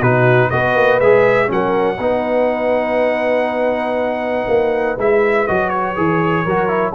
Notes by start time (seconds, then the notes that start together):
0.00 B2 D#4 F#4 B4
0.50 B3 F#4 B4 D#5
0.75 A#3
1.00 G#3 G#4 E5
1.47 F#3 C#4 A#4 F#5
1.98 B3 D#4 B4
4.48 A#3
4.98 G#3 E4 E5
5.47 F#3 F#4 D#5
5.69 C#5
5.96 E3 G#4
6.43 F#3 F#4 A#4
6.68 E4